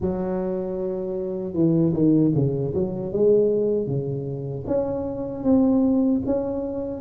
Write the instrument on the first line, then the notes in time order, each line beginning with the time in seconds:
tuba
0.00 F#3
1.53 E3
1.93 D#3
2.34 C#3
2.74 F#3
3.12 G#3
3.86 C#3
4.66 C#4
5.43 C4
6.26 C#4